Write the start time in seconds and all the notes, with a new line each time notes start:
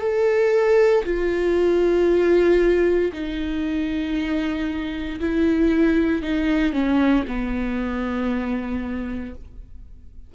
0.00 A4
1.04 F4
3.12 D#4
5.20 E4
6.22 D#4
6.72 C#4
7.27 B3